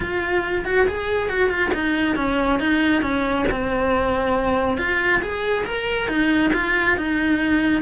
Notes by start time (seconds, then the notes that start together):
0.00 F4
0.64 F#4
0.87 G#4
1.29 F#4
1.49 F4
1.74 D#4
2.16 C#4
2.59 D#4
3.01 C#4
3.51 C4
4.77 F4
5.22 G#4
5.65 A#4
6.08 D#4
6.53 F4
6.97 D#4